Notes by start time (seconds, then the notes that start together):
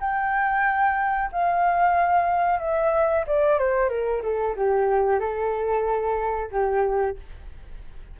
0.00 G5
1.32 F5
2.60 E5
3.27 D5
3.59 C5
3.89 A#4
4.23 A4
4.56 G4
5.20 A4
6.51 G4